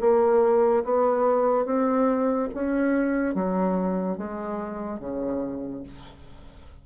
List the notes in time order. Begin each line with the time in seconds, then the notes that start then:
0.00 A#3
0.84 B3
1.65 C4
2.54 C#4
3.34 F#3
4.17 G#3
4.99 C#3